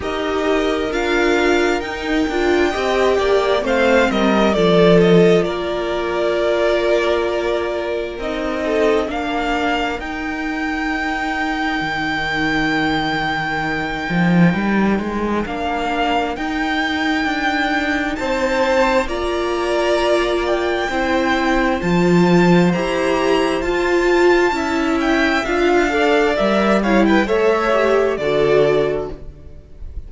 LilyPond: <<
  \new Staff \with { instrumentName = "violin" } { \time 4/4 \tempo 4 = 66 dis''4 f''4 g''2 | f''8 dis''8 d''8 dis''8 d''2~ | d''4 dis''4 f''4 g''4~ | g''1~ |
g''4 f''4 g''2 | a''4 ais''4. g''4. | a''4 ais''4 a''4. g''8 | f''4 e''8 f''16 g''16 e''4 d''4 | }
  \new Staff \with { instrumentName = "violin" } { \time 4/4 ais'2. dis''8 d''8 | c''8 ais'8 a'4 ais'2~ | ais'4. a'8 ais'2~ | ais'1~ |
ais'1 | c''4 d''2 c''4~ | c''2. e''4~ | e''8 d''4 cis''16 b'16 cis''4 a'4 | }
  \new Staff \with { instrumentName = "viola" } { \time 4/4 g'4 f'4 dis'8 f'8 g'4 | c'4 f'2.~ | f'4 dis'4 d'4 dis'4~ | dis'1~ |
dis'4 d'4 dis'2~ | dis'4 f'2 e'4 | f'4 g'4 f'4 e'4 | f'8 a'8 ais'8 e'8 a'8 g'8 fis'4 | }
  \new Staff \with { instrumentName = "cello" } { \time 4/4 dis'4 d'4 dis'8 d'8 c'8 ais8 | a8 g8 f4 ais2~ | ais4 c'4 ais4 dis'4~ | dis'4 dis2~ dis8 f8 |
g8 gis8 ais4 dis'4 d'4 | c'4 ais2 c'4 | f4 e'4 f'4 cis'4 | d'4 g4 a4 d4 | }
>>